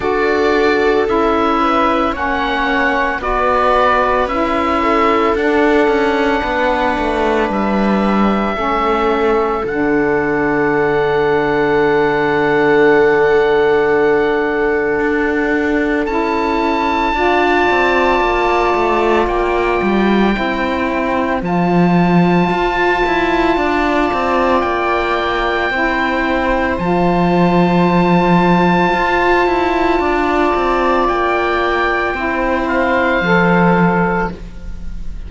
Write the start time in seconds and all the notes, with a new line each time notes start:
0.00 D4 F#4 A4 D5
1.06 C#4 E4 E5
1.59 B4
2.12 A#3 C#4 C#5 F#5
3.19 B3 F#4 B4 D5
4.26 C#4 E4 E5
4.82 A4
5.35 D4 F#5
5.87 C#4
6.40 B3 B4
6.98 A3
7.49 G3 E5
8.54 A3 C#4 A4
9.64 D3 D4 F#5
14.99 D4
16.05 C#4 E4 A5
17.12 D4 F4 D5
17.71 C4
18.20 A#3
18.74 A3
19.27 A#3 G5
19.82 G3
20.32 E4 C5
20.38 C4
21.41 F3 F4 A5
22.50 F4
23.06 E4
23.56 D4 D5
24.13 C4
24.60 A#3 G5
25.69 C4 E4 C5
26.78 F3 F4 A5
28.93 F4
29.46 E4
29.99 D4 D5
30.55 C4
31.08 A#3 G5
32.13 C4 E4 C5
32.68 F5
33.20 F3 A4